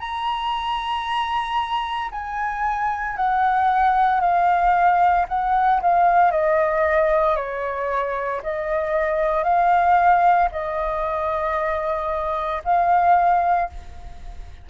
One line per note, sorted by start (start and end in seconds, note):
0.00 2.11 A#5
2.11 3.16 G#5
3.16 4.21 F#5
4.21 5.26 F5
5.28 5.81 F#5
5.82 6.32 F5
6.32 7.36 D#5
7.36 8.41 C#5
8.43 9.44 D#5
9.44 10.49 F5
10.52 12.62 D#5
12.64 13.69 F5